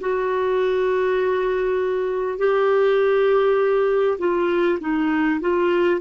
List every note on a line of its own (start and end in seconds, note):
0.00 2.38 F#4
2.38 4.18 G4
4.19 4.79 F4
4.81 5.41 D#4
5.41 6.01 F4